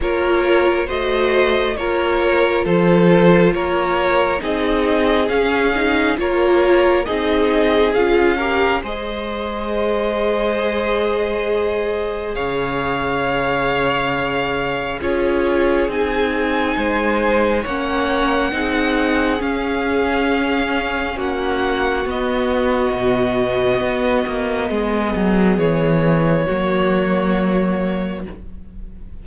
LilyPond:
<<
  \new Staff \with { instrumentName = "violin" } { \time 4/4 \tempo 4 = 68 cis''4 dis''4 cis''4 c''4 | cis''4 dis''4 f''4 cis''4 | dis''4 f''4 dis''2~ | dis''2 f''2~ |
f''4 cis''4 gis''2 | fis''2 f''2 | fis''4 dis''2.~ | dis''4 cis''2. | }
  \new Staff \with { instrumentName = "violin" } { \time 4/4 ais'4 c''4 ais'4 a'4 | ais'4 gis'2 ais'4 | gis'4. ais'8 c''2~ | c''2 cis''2~ |
cis''4 gis'2 c''4 | cis''4 gis'2. | fis'1 | gis'2 fis'2 | }
  \new Staff \with { instrumentName = "viola" } { \time 4/4 f'4 fis'4 f'2~ | f'4 dis'4 cis'8 dis'8 f'4 | dis'4 f'8 g'8 gis'2~ | gis'1~ |
gis'4 f'4 dis'2 | cis'4 dis'4 cis'2~ | cis'4 b2.~ | b2 ais2 | }
  \new Staff \with { instrumentName = "cello" } { \time 4/4 ais4 a4 ais4 f4 | ais4 c'4 cis'4 ais4 | c'4 cis'4 gis2~ | gis2 cis2~ |
cis4 cis'4 c'4 gis4 | ais4 c'4 cis'2 | ais4 b4 b,4 b8 ais8 | gis8 fis8 e4 fis2 | }
>>